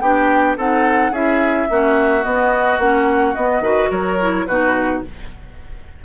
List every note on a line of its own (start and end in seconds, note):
0.00 0.56 B3
0.00 0.58 D4
0.00 0.57 G4
0.00 0.56 G5
0.57 1.11 C4
0.57 1.13 D#4
0.57 1.11 A4
0.57 1.14 F#5
1.11 1.67 C#4
1.11 1.69 E4
1.11 1.67 G#4
1.11 2.23 E5
1.69 2.25 A#3
1.69 2.23 C#4
1.69 3.63 F#4
2.23 2.78 B3
2.23 2.79 D#5
2.78 3.33 A#3
2.78 3.36 C#4
2.78 3.35 F#5
3.35 3.60 B3
3.35 3.64 B3
3.35 3.90 D#5
3.60 3.88 D#3
3.60 4.19 F#4
3.60 3.89 B4
3.89 4.46 F#3
3.89 4.45 A#4
3.89 4.46 C#5
4.20 4.48 E4
4.46 5.03 B2
4.46 5.04 D#4
4.46 5.03 F#4
4.46 5.02 B4